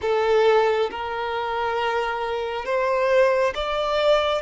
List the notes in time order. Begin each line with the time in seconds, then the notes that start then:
0.01 A4
0.90 A#4
2.65 C5
3.55 D5